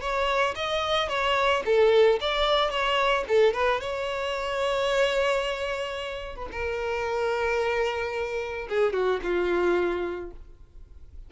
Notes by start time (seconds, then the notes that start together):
0.00 C#5
0.55 D#5
1.08 C#5
1.65 A4
2.20 D5
2.70 C#5
3.28 A4
3.53 B4
3.80 C#5
6.35 B4
6.51 A#4
8.69 G#4
8.93 F#4
9.23 F4